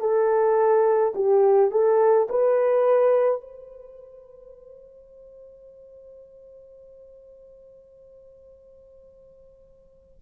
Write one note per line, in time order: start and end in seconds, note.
0.00 1.13 A4
1.15 1.71 G4
1.71 2.27 A4
2.29 3.41 B4
3.41 10.20 C5